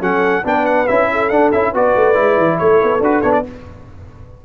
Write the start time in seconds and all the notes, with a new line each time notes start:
0.00 F#3 C#4 A4 F#5
0.43 B3 D4 B4 G5
0.66 F#5
0.87 C#4 E4 E5
1.11 A4
1.28 D4 F#5
1.52 C#4 E4 E5
1.71 B3 F#4 B4 D5
1.95 A3
2.14 G#3 E4
2.37 E3
2.58 A3 A4 C#5
2.82 B3
3.00 D4 F#4 B4
3.21 B3 D4 C#5
3.32 D5